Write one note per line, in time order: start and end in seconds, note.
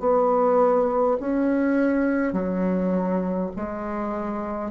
0.00 1.18 B3
1.20 2.33 C#4
2.33 3.51 F#3
3.56 4.72 G#3